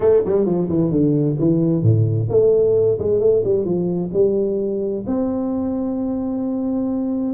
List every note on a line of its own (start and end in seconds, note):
0.00 0.22 A3
0.25 0.45 G3
0.45 0.68 F3
0.68 0.91 E3
0.91 1.37 D3
1.39 1.82 E3
1.82 2.28 A2
2.29 2.98 A3
2.99 3.20 G#3
3.20 3.42 A3
3.44 3.64 G3
3.64 4.10 F3
4.13 5.04 G3
5.06 7.33 C4